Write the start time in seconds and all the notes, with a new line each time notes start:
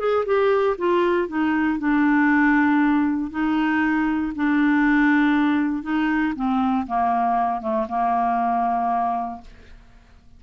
0.00 G#4
0.26 G4
0.78 F4
1.29 D#4
1.79 D4
3.31 D#4
4.36 D4
5.83 D#4
6.36 C4
6.87 A#3
7.62 A3
7.89 A#3